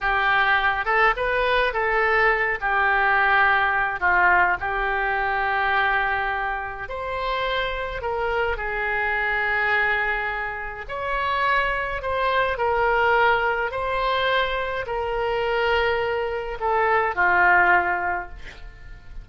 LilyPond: \new Staff \with { instrumentName = "oboe" } { \time 4/4 \tempo 4 = 105 g'4. a'8 b'4 a'4~ | a'8 g'2~ g'8 f'4 | g'1 | c''2 ais'4 gis'4~ |
gis'2. cis''4~ | cis''4 c''4 ais'2 | c''2 ais'2~ | ais'4 a'4 f'2 | }